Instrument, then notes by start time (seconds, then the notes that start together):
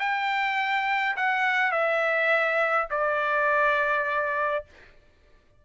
trumpet
0.00 G5
1.17 F#5
1.72 E5
2.90 D5